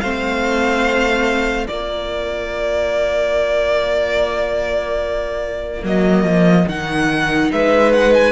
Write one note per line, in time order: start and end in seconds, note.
0.00 1.69 A3
0.00 1.66 C4
0.00 1.67 C5
0.00 1.67 F5
1.66 5.83 A#3
1.66 5.80 F4
1.66 7.50 A#4
1.66 5.84 D5
5.80 6.23 F#3
5.80 6.63 A#3
5.86 6.68 D#5
6.23 6.65 F3
6.67 7.50 D#3
6.67 8.32 D#4
6.67 7.52 F#5
7.52 8.32 G#3
7.52 8.32 B4
7.52 7.92 E5
7.92 8.13 F#5
8.13 8.32 G#5